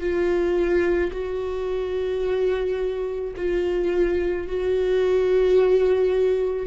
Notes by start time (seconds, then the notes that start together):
0.00 F4
1.12 F#4
3.36 F4
4.47 F#4